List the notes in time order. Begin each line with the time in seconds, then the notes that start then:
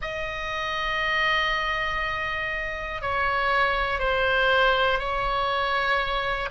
0.01 D#5
3.01 C#5
3.99 C5
4.99 C#5